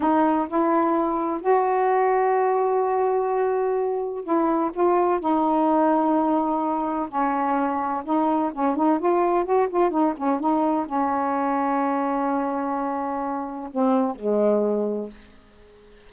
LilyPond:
\new Staff \with { instrumentName = "saxophone" } { \time 4/4 \tempo 4 = 127 dis'4 e'2 fis'4~ | fis'1~ | fis'4 e'4 f'4 dis'4~ | dis'2. cis'4~ |
cis'4 dis'4 cis'8 dis'8 f'4 | fis'8 f'8 dis'8 cis'8 dis'4 cis'4~ | cis'1~ | cis'4 c'4 gis2 | }